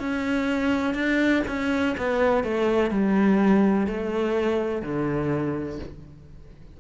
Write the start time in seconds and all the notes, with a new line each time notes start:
0.00 C#4
0.94 D4
1.47 C#4
1.98 B3
2.44 A3
2.91 G3
3.87 A3
4.82 D3